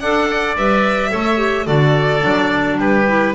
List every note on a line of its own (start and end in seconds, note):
0.00 0.28 D4
0.00 0.57 D4
0.00 0.58 A4
0.00 0.56 F#5
0.31 1.11 D5
0.57 1.12 G3
0.57 1.10 B4
0.57 1.67 E5
1.10 1.67 A3
1.10 1.37 A4
1.10 1.67 C#5
1.37 1.65 G4
1.66 2.23 D3
1.66 2.21 F#4
1.66 2.78 A4
1.66 2.78 D5
2.21 2.78 F#3
2.21 3.04 D4
2.78 3.33 G3
2.78 3.34 G4
2.78 3.35 B4
3.07 3.35 E4